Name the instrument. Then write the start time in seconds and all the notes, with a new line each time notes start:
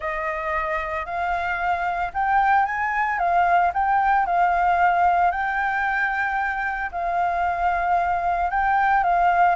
flute
0.00 D#5
1.05 F5
2.13 G5
2.65 G#5
3.18 F5
3.73 G5
4.26 F5
5.31 G5
6.91 F5
8.50 G5
9.03 F5